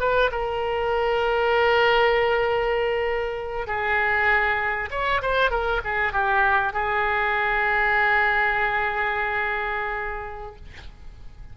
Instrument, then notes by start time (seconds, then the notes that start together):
oboe
0.00 B4
0.32 A#4
3.67 G#4
4.91 C#5
5.22 C5
5.50 A#4
5.84 G#4
6.13 G4
6.73 G#4